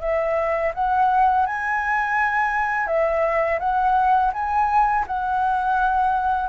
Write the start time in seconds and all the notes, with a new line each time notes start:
0.00 E5
0.74 F#5
1.46 G#5
2.87 E5
3.59 F#5
4.33 G#5
5.07 F#5